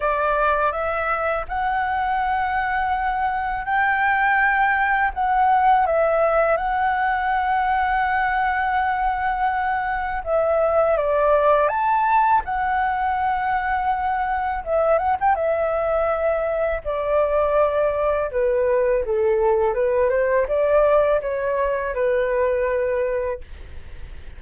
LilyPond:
\new Staff \with { instrumentName = "flute" } { \time 4/4 \tempo 4 = 82 d''4 e''4 fis''2~ | fis''4 g''2 fis''4 | e''4 fis''2.~ | fis''2 e''4 d''4 |
a''4 fis''2. | e''8 fis''16 g''16 e''2 d''4~ | d''4 b'4 a'4 b'8 c''8 | d''4 cis''4 b'2 | }